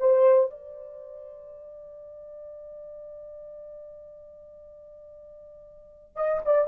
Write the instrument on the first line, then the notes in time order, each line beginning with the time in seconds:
horn
0.00 C5
0.51 D5
6.16 D#5
6.46 D5